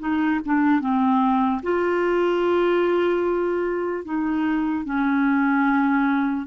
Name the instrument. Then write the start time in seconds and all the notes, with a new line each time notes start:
clarinet
0.00 D#4
0.46 D4
0.81 C4
1.63 F4
4.05 D#4
4.85 C#4